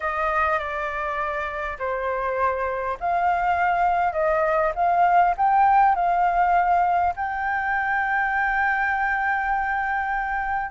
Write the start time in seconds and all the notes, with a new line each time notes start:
0.00 D#5
0.59 D5
1.78 C5
2.99 F5
4.13 D#5
4.75 F5
5.37 G5
5.95 F5
7.16 G5